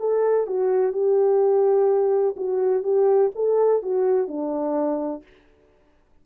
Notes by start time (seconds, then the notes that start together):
0.00 A4
0.47 F#4
0.93 G4
2.36 F#4
2.84 G4
3.35 A4
3.83 F#4
4.28 D4